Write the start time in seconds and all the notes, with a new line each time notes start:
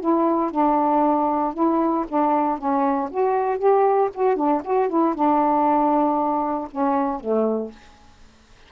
0.00 E4
0.51 D4
1.54 E4
2.08 D4
2.58 C#4
3.11 F#4
3.58 G4
4.14 F#4
4.36 D4
4.64 F#4
4.89 E4
5.14 D4
6.71 C#4
7.20 A3